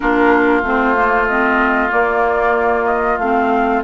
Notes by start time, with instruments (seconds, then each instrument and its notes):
0.00 bassoon A#3, clarinet D4, oboe F4, flute A#4
0.62 bassoon A3, clarinet C4, flute C5
0.95 clarinet A#3
1.27 clarinet C4, flute D#5
1.89 clarinet A#3, bassoon A#3, flute D5
2.86 flute D#5
3.18 bassoon A3, clarinet C4, flute F5